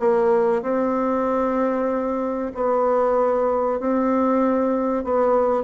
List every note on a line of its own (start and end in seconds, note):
0.00 0.63 A#3
0.63 2.52 C4
2.55 3.80 B3
3.80 5.04 C4
5.04 5.64 B3